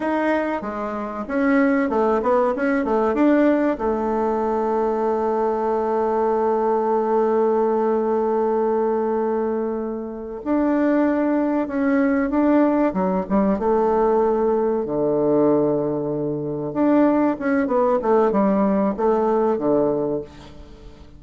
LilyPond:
\new Staff \with { instrumentName = "bassoon" } { \time 4/4 \tempo 4 = 95 dis'4 gis4 cis'4 a8 b8 | cis'8 a8 d'4 a2~ | a1~ | a1~ |
a8 d'2 cis'4 d'8~ | d'8 fis8 g8 a2 d8~ | d2~ d8 d'4 cis'8 | b8 a8 g4 a4 d4 | }